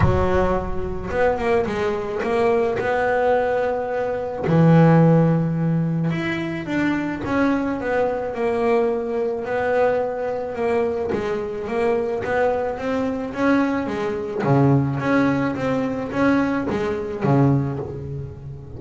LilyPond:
\new Staff \with { instrumentName = "double bass" } { \time 4/4 \tempo 4 = 108 fis2 b8 ais8 gis4 | ais4 b2. | e2. e'4 | d'4 cis'4 b4 ais4~ |
ais4 b2 ais4 | gis4 ais4 b4 c'4 | cis'4 gis4 cis4 cis'4 | c'4 cis'4 gis4 cis4 | }